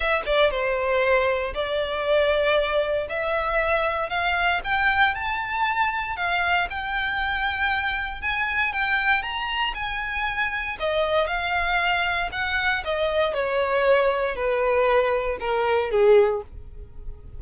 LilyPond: \new Staff \with { instrumentName = "violin" } { \time 4/4 \tempo 4 = 117 e''8 d''8 c''2 d''4~ | d''2 e''2 | f''4 g''4 a''2 | f''4 g''2. |
gis''4 g''4 ais''4 gis''4~ | gis''4 dis''4 f''2 | fis''4 dis''4 cis''2 | b'2 ais'4 gis'4 | }